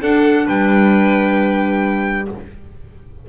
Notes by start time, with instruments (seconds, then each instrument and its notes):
0.00 clarinet D4, double bass D4, violin A4, trumpet F#5
0.46 double bass G3, violin B4, trumpet G5